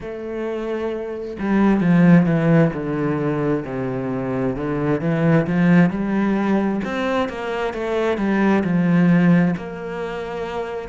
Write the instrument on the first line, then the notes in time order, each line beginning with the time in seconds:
cello
0.00 A3
1.39 G3
1.81 F3
2.26 E3
2.73 D3
3.64 C3
4.55 D3
5.00 E3
5.46 F3
5.90 G3
6.84 C4
7.28 A#3
7.73 A3
8.17 G3
8.64 F3
9.57 A#3